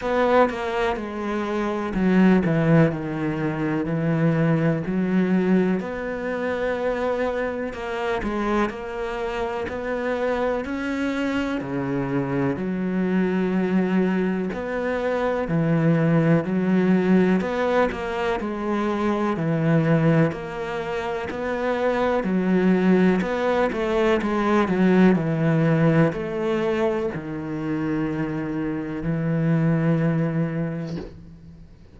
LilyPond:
\new Staff \with { instrumentName = "cello" } { \time 4/4 \tempo 4 = 62 b8 ais8 gis4 fis8 e8 dis4 | e4 fis4 b2 | ais8 gis8 ais4 b4 cis'4 | cis4 fis2 b4 |
e4 fis4 b8 ais8 gis4 | e4 ais4 b4 fis4 | b8 a8 gis8 fis8 e4 a4 | dis2 e2 | }